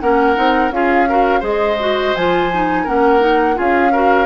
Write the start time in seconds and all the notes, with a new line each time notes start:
0.00 A#3 C#4 A#4 F#5
0.35 C4 D#4
0.70 C#4 F4 G#4 F5
1.09 F#4 A#4
1.40 G#3 G#4 C5 D#5
1.79 F#4
2.15 F3 F4 G#5
2.53 D#4
2.84 A#3 C#4 A#4 F#5
3.19 D#4
3.54 C#4 F4 G#4 F5
3.92 F#4 A#4